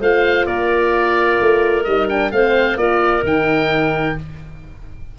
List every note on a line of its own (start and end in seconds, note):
0.00 0.46 A3
0.00 1.86 F4
0.00 0.46 C5
0.00 0.46 F5
0.46 1.38 A#3
0.46 2.31 A#4
0.46 1.84 D5
1.41 1.87 A3
1.84 2.32 G3
1.84 2.09 D#4
1.84 2.07 D#5
2.09 2.32 D4
2.09 2.31 G5
2.31 2.76 A3
2.31 2.77 C4
2.31 2.79 C5
2.31 2.77 F5
2.76 3.22 A#3
2.76 3.22 F4
2.76 4.18 A#4
2.76 3.24 D5
3.22 4.15 D#3
3.22 4.15 D#4
3.22 4.19 G5